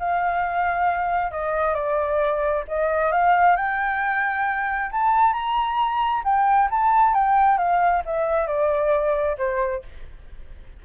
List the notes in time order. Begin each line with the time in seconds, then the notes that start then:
0.00 F5
1.32 D#5
1.74 D5
2.68 D#5
3.12 F5
3.57 G5
4.92 A5
5.33 A#5
6.25 G5
6.71 A5
7.14 G5
7.58 F5
8.06 E5
8.47 D5
9.38 C5